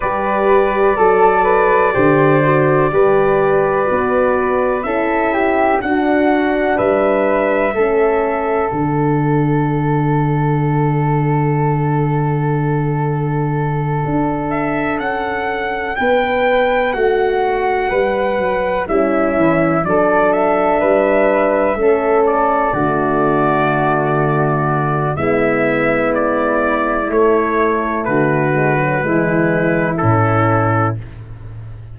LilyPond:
<<
  \new Staff \with { instrumentName = "trumpet" } { \time 4/4 \tempo 4 = 62 d''1~ | d''4 e''4 fis''4 e''4~ | e''4 fis''2.~ | fis''2. e''8 fis''8~ |
fis''8 g''4 fis''2 e''8~ | e''8 d''8 e''2 d''4~ | d''2 e''4 d''4 | cis''4 b'2 a'4 | }
  \new Staff \with { instrumentName = "flute" } { \time 4/4 b'4 a'8 b'8 c''4 b'4~ | b'4 a'8 g'8 fis'4 b'4 | a'1~ | a'1~ |
a'8 b'4 fis'4 b'4 e'8~ | e'8 a'4 b'4 a'4 fis'8~ | fis'2 e'2~ | e'4 fis'4 e'2 | }
  \new Staff \with { instrumentName = "horn" } { \time 4/4 g'4 a'4 g'8 fis'8 g'4 | fis'4 e'4 d'2 | cis'4 d'2.~ | d'1~ |
d'2.~ d'8 cis'8~ | cis'8 d'2 cis'4 a8~ | a2 b2 | a4. gis16 fis16 gis4 cis'4 | }
  \new Staff \with { instrumentName = "tuba" } { \time 4/4 g4 fis4 d4 g4 | b4 cis'4 d'4 g4 | a4 d2.~ | d2~ d8 d'4 cis'8~ |
cis'8 b4 a4 g8 fis8 g8 | e8 fis4 g4 a4 d8~ | d2 gis2 | a4 d4 e4 a,4 | }
>>